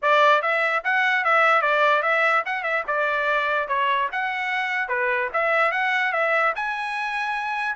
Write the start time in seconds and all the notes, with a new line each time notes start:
0.01 D5
0.42 E5
0.84 F#5
1.24 E5
1.61 D5
2.02 E5
2.45 F#5
2.63 E5
2.87 D5
3.68 C#5
4.12 F#5
4.88 B4
5.33 E5
5.71 F#5
6.12 E5
6.55 G#5